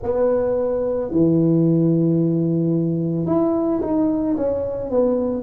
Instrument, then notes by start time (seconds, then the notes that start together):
tuba
0.02 B3
1.11 E3
3.26 E4
3.81 D#4
4.36 C#4
4.90 B3